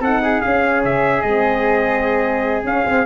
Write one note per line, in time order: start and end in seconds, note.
0.00 0.41 C4
0.00 0.42 D#4
0.00 0.21 A4
0.00 0.41 F#5
0.22 3.05 G#4
0.41 1.23 C#4
0.41 0.84 C#4
0.41 0.81 F5
0.84 1.23 C#3
0.84 1.22 E5
1.22 2.63 G#3
1.22 2.65 C4
1.22 2.63 D#5
2.63 2.84 C#4
2.63 3.05 F5
2.84 3.04 C4
2.84 3.05 C4